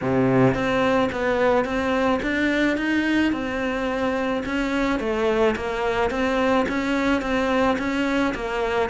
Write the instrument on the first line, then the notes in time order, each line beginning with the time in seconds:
cello
0.01 C3
0.54 C4
1.12 B3
1.64 C4
2.22 D4
2.77 D#4
3.32 C4
4.45 C#4
4.99 A3
5.56 A#3
6.10 C4
6.68 C#4
7.21 C4
7.78 C#4
8.34 A#3